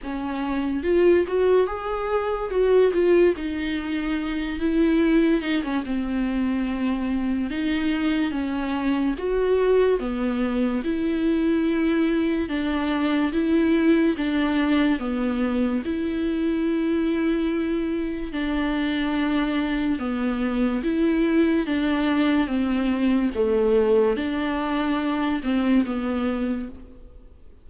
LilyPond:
\new Staff \with { instrumentName = "viola" } { \time 4/4 \tempo 4 = 72 cis'4 f'8 fis'8 gis'4 fis'8 f'8 | dis'4. e'4 dis'16 cis'16 c'4~ | c'4 dis'4 cis'4 fis'4 | b4 e'2 d'4 |
e'4 d'4 b4 e'4~ | e'2 d'2 | b4 e'4 d'4 c'4 | a4 d'4. c'8 b4 | }